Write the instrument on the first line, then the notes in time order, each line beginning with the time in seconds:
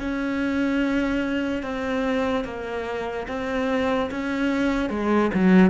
cello
0.00 C#4
1.63 C4
2.45 A#3
3.28 C4
4.11 C#4
4.90 G#3
5.34 F#3